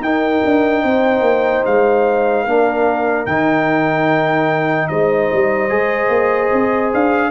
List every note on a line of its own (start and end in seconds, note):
0.00 0.41 D#4
0.00 2.47 D#4
0.00 0.83 A#4
0.00 1.64 G5
0.44 0.83 D4
0.83 1.20 C4
0.83 2.43 C5
1.20 1.61 A#3
1.65 2.45 G#3
1.65 3.25 F5
2.43 3.26 A#3
2.43 3.26 D4
2.43 4.87 A#4
3.25 4.89 D#3
3.25 5.69 D#4
3.25 4.87 G5
4.87 5.30 G#3
4.87 7.30 C5
4.87 6.90 D#5
5.33 5.71 G3
5.69 6.08 G#3
5.69 7.30 G#4
6.08 6.49 A#3
6.52 6.93 C4
6.93 7.30 D4
6.93 7.30 F5